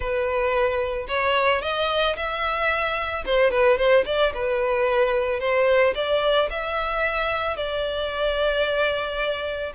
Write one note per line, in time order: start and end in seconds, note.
0.00 1.07 B4
1.07 1.61 C#5
1.61 2.15 D#5
2.16 3.24 E5
3.25 3.50 C5
3.50 3.77 B4
3.77 4.04 C5
4.05 4.32 D5
4.34 5.39 B4
5.39 5.93 C5
5.95 6.49 D5
6.49 7.56 E5
7.56 9.72 D5